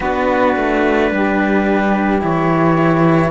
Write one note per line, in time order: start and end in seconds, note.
0.00 0.56 B3
0.00 2.20 D4
0.00 1.09 F#4
0.00 2.23 B4
0.56 1.11 A3
1.11 2.22 G3
1.11 3.30 G4
2.20 3.30 E3
2.20 3.30 E4
2.20 3.30 C#5